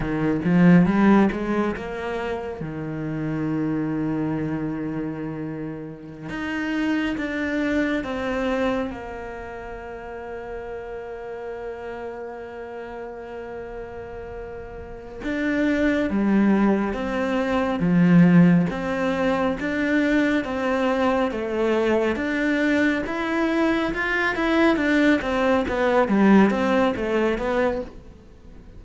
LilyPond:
\new Staff \with { instrumentName = "cello" } { \time 4/4 \tempo 4 = 69 dis8 f8 g8 gis8 ais4 dis4~ | dis2.~ dis16 dis'8.~ | dis'16 d'4 c'4 ais4.~ ais16~ | ais1~ |
ais4. d'4 g4 c'8~ | c'8 f4 c'4 d'4 c'8~ | c'8 a4 d'4 e'4 f'8 | e'8 d'8 c'8 b8 g8 c'8 a8 b8 | }